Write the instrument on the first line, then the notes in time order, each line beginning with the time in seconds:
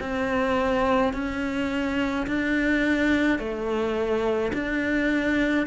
cello
0.00 C4
1.13 C#4
2.27 D4
3.39 A3
4.53 D4